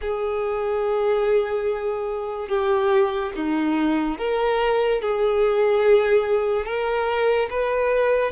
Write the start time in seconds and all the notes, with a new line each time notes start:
0.01 G#4
2.48 G4
3.35 D#4
4.18 A#4
5.01 G#4
6.65 A#4
7.50 B4